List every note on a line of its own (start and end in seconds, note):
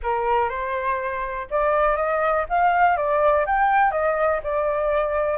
0.02 0.49 A#4
0.49 1.47 C5
1.50 1.96 D5
1.96 2.45 D#5
2.49 2.96 F5
2.96 3.45 D5
3.46 3.91 G5
3.91 4.40 D#5
4.43 5.38 D5